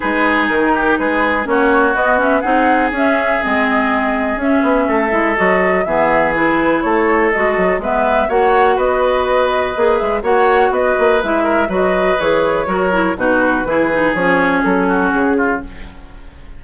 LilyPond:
<<
  \new Staff \with { instrumentName = "flute" } { \time 4/4 \tempo 4 = 123 b'4 ais'4 b'4 cis''4 | dis''8 e''8 fis''4 e''4 dis''4~ | dis''4 e''2 dis''4 | e''4 b'4 cis''4 dis''4 |
e''4 fis''4 dis''2~ | dis''8 e''8 fis''4 dis''4 e''4 | dis''4 cis''2 b'4~ | b'4 cis''4 a'4 gis'4 | }
  \new Staff \with { instrumentName = "oboe" } { \time 4/4 gis'4. g'8 gis'4 fis'4~ | fis'4 gis'2.~ | gis'2 a'2 | gis'2 a'2 |
b'4 cis''4 b'2~ | b'4 cis''4 b'4. ais'8 | b'2 ais'4 fis'4 | gis'2~ gis'8 fis'4 f'8 | }
  \new Staff \with { instrumentName = "clarinet" } { \time 4/4 dis'2. cis'4 | b8 cis'8 dis'4 cis'4 c'4~ | c'4 cis'4. e'8 fis'4 | b4 e'2 fis'4 |
b4 fis'2. | gis'4 fis'2 e'4 | fis'4 gis'4 fis'8 e'8 dis'4 | e'8 dis'8 cis'2. | }
  \new Staff \with { instrumentName = "bassoon" } { \time 4/4 gis4 dis4 gis4 ais4 | b4 c'4 cis'4 gis4~ | gis4 cis'8 b8 a8 gis8 fis4 | e2 a4 gis8 fis8 |
gis4 ais4 b2 | ais8 gis8 ais4 b8 ais8 gis4 | fis4 e4 fis4 b,4 | e4 f4 fis4 cis4 | }
>>